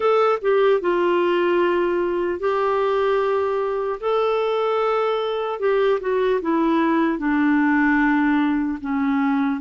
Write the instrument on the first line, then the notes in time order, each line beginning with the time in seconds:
clarinet
0.00 A4
0.41 G4
0.80 F4
2.39 G4
4.00 A4
5.59 G4
6.00 F#4
6.41 E4
7.18 D4
8.80 C#4